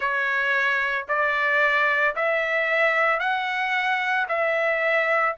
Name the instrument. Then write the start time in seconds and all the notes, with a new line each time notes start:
trumpet
0.00 C#5
1.08 D5
2.15 E5
3.19 F#5
4.28 E5